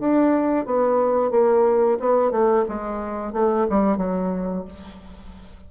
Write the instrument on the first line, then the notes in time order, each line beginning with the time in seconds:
bassoon
0.00 D4
0.66 B3
1.31 A#3
2.00 B3
2.32 A3
2.69 G#3
3.33 A3
3.70 G3
3.98 F#3